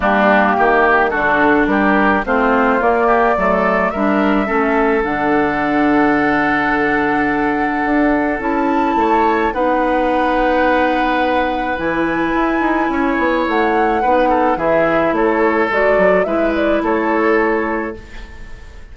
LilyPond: <<
  \new Staff \with { instrumentName = "flute" } { \time 4/4 \tempo 4 = 107 g'2 a'4 ais'4 | c''4 d''2 e''4~ | e''4 fis''2.~ | fis''2. a''4~ |
a''4 fis''2.~ | fis''4 gis''2. | fis''2 e''4 cis''4 | d''4 e''8 d''8 cis''2 | }
  \new Staff \with { instrumentName = "oboe" } { \time 4/4 d'4 g'4 fis'4 g'4 | f'4. g'8 a'4 ais'4 | a'1~ | a'1 |
cis''4 b'2.~ | b'2. cis''4~ | cis''4 b'8 a'8 gis'4 a'4~ | a'4 b'4 a'2 | }
  \new Staff \with { instrumentName = "clarinet" } { \time 4/4 ais2 d'2 | c'4 ais4 a4 d'4 | cis'4 d'2.~ | d'2. e'4~ |
e'4 dis'2.~ | dis'4 e'2.~ | e'4 dis'4 e'2 | fis'4 e'2. | }
  \new Staff \with { instrumentName = "bassoon" } { \time 4/4 g4 dis4 d4 g4 | a4 ais4 fis4 g4 | a4 d2.~ | d2 d'4 cis'4 |
a4 b2.~ | b4 e4 e'8 dis'8 cis'8 b8 | a4 b4 e4 a4 | gis8 fis8 gis4 a2 | }
>>